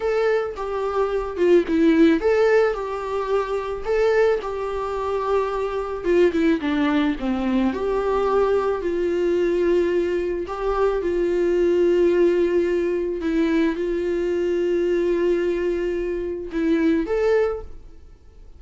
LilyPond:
\new Staff \with { instrumentName = "viola" } { \time 4/4 \tempo 4 = 109 a'4 g'4. f'8 e'4 | a'4 g'2 a'4 | g'2. f'8 e'8 | d'4 c'4 g'2 |
f'2. g'4 | f'1 | e'4 f'2.~ | f'2 e'4 a'4 | }